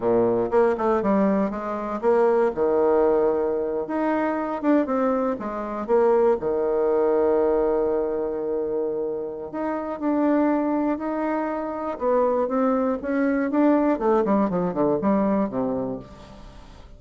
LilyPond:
\new Staff \with { instrumentName = "bassoon" } { \time 4/4 \tempo 4 = 120 ais,4 ais8 a8 g4 gis4 | ais4 dis2~ dis8. dis'16~ | dis'4~ dis'16 d'8 c'4 gis4 ais16~ | ais8. dis2.~ dis16~ |
dis2. dis'4 | d'2 dis'2 | b4 c'4 cis'4 d'4 | a8 g8 f8 d8 g4 c4 | }